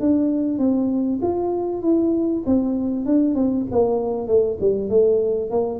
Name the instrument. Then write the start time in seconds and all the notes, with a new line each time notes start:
tuba
0.00 D4
0.58 C4
1.22 F4
1.82 E4
2.46 C4
3.05 D4
3.35 C4
3.71 A#3
4.27 A3
4.60 G3
4.89 A3
5.50 A#3